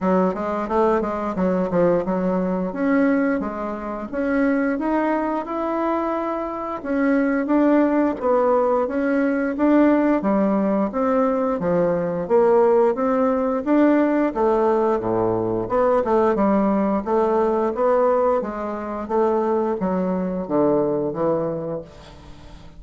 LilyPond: \new Staff \with { instrumentName = "bassoon" } { \time 4/4 \tempo 4 = 88 fis8 gis8 a8 gis8 fis8 f8 fis4 | cis'4 gis4 cis'4 dis'4 | e'2 cis'4 d'4 | b4 cis'4 d'4 g4 |
c'4 f4 ais4 c'4 | d'4 a4 a,4 b8 a8 | g4 a4 b4 gis4 | a4 fis4 d4 e4 | }